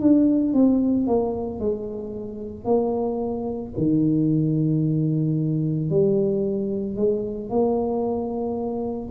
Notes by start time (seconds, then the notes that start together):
0.00 D4
0.53 C4
1.07 A#3
1.59 G#3
2.64 A#3
3.77 D#3
5.90 G3
6.96 G#3
7.49 A#3